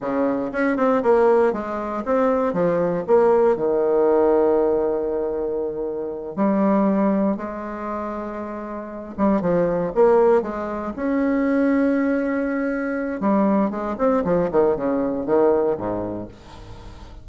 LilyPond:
\new Staff \with { instrumentName = "bassoon" } { \time 4/4 \tempo 4 = 118 cis4 cis'8 c'8 ais4 gis4 | c'4 f4 ais4 dis4~ | dis1~ | dis8 g2 gis4.~ |
gis2 g8 f4 ais8~ | ais8 gis4 cis'2~ cis'8~ | cis'2 g4 gis8 c'8 | f8 dis8 cis4 dis4 gis,4 | }